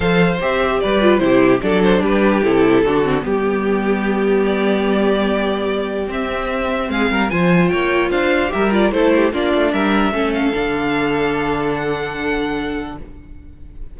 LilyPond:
<<
  \new Staff \with { instrumentName = "violin" } { \time 4/4 \tempo 4 = 148 f''4 e''4 d''4 c''4 | d''8 c''8 b'4 a'2 | g'2. d''4~ | d''2. e''4~ |
e''4 f''4 gis''4 g''4 | f''4 e''8 d''8 c''4 d''4 | e''4. f''2~ f''8~ | f''4 fis''2. | }
  \new Staff \with { instrumentName = "violin" } { \time 4/4 c''2 b'4 g'4 | a'4 g'2 fis'4 | g'1~ | g'1~ |
g'4 gis'8 ais'8 c''4 cis''4 | c''4 ais'4 a'8 g'8 f'4 | ais'4 a'2.~ | a'1 | }
  \new Staff \with { instrumentName = "viola" } { \time 4/4 a'4 g'4. f'8 e'4 | d'2 e'4 d'8 c'8 | b1~ | b2. c'4~ |
c'2 f'2~ | f'4 g'8 f'8 e'4 d'4~ | d'4 cis'4 d'2~ | d'1 | }
  \new Staff \with { instrumentName = "cello" } { \time 4/4 f4 c'4 g4 c4 | fis4 g4 c4 d4 | g1~ | g2. c'4~ |
c'4 gis8 g8 f4 ais4 | d'4 g4 a4 ais8 a8 | g4 a4 d2~ | d1 | }
>>